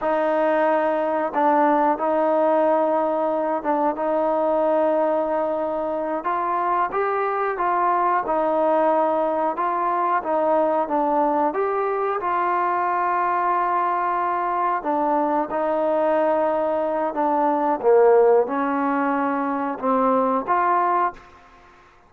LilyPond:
\new Staff \with { instrumentName = "trombone" } { \time 4/4 \tempo 4 = 91 dis'2 d'4 dis'4~ | dis'4. d'8 dis'2~ | dis'4. f'4 g'4 f'8~ | f'8 dis'2 f'4 dis'8~ |
dis'8 d'4 g'4 f'4.~ | f'2~ f'8 d'4 dis'8~ | dis'2 d'4 ais4 | cis'2 c'4 f'4 | }